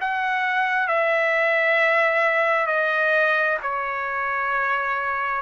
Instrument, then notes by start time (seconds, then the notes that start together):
trumpet
0.00 F#5
0.87 E5
2.67 D#5
3.62 C#5